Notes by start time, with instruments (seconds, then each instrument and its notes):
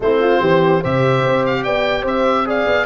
0.00 tuba A3, trombone C4, horn E4, oboe C5
0.20 horn F4
0.40 tuba E3, horn G4
0.80 tuba C3, trombone G4, horn C5, oboe E5
1.25 tuba C4
1.45 oboe F5
1.63 tuba B3, horn D5, oboe G5
2.01 tuba C4, horn C5, oboe E5
2.45 trombone G#4, horn D5, oboe F5
2.65 tuba B3